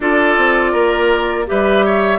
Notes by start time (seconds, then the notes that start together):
0.00 D4 F4 A4 D5
0.37 C4
0.71 A#3 A#4
1.46 G3 G4 B4 E5
1.85 C#5